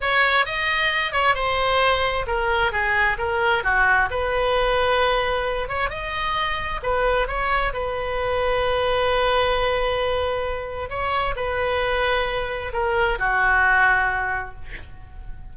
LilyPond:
\new Staff \with { instrumentName = "oboe" } { \time 4/4 \tempo 4 = 132 cis''4 dis''4. cis''8 c''4~ | c''4 ais'4 gis'4 ais'4 | fis'4 b'2.~ | b'8 cis''8 dis''2 b'4 |
cis''4 b'2.~ | b'1 | cis''4 b'2. | ais'4 fis'2. | }